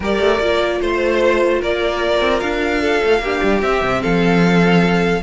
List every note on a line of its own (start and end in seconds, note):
0.00 0.18 G3
0.00 0.41 G4
0.00 0.78 A#4
0.00 0.81 D5
0.19 0.39 A3
0.40 0.80 A#3
0.40 3.23 F4
0.81 1.61 A3
0.81 1.61 C5
0.81 1.60 C5
1.60 2.20 A#3
1.60 2.81 A#4
1.60 2.40 D5
2.20 2.41 C4
2.40 3.02 D4
2.40 3.61 F5
2.81 3.21 A4
3.03 3.19 A3
3.19 3.39 A#3
3.19 3.63 D4
3.19 4.01 G4
3.43 3.62 G3
3.62 3.82 C4
3.62 5.22 C4
3.62 4.02 E5
3.82 4.02 C3
4.01 5.22 F3
4.01 5.22 A4
4.01 5.22 F5